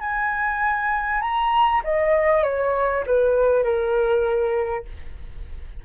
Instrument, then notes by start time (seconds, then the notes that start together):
flute
0.00 G#5
1.21 A#5
1.84 D#5
2.43 C#5
3.06 B4
3.64 A#4